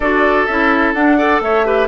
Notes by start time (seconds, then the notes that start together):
0.00 D4 F#4 A4 D5
0.45 C#4 E4 E5
0.93 D4 F#5
1.17 A4 D5
1.40 A3 C#5 E5
1.64 G4 B4